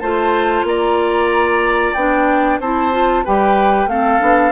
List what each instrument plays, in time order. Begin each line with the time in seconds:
0.00 bassoon A3, clarinet F4, oboe C5, flute A5
0.64 bassoon A#3, oboe D5, flute A#5
1.94 bassoon B3, clarinet D4, flute G5
2.60 bassoon C4, clarinet E4, oboe C5, flute A5
2.92 clarinet F4
3.25 bassoon G3, clarinet G4, oboe B4, flute G5
3.87 bassoon A3, clarinet C4, oboe A4, flute F5
4.20 bassoon B3, clarinet D4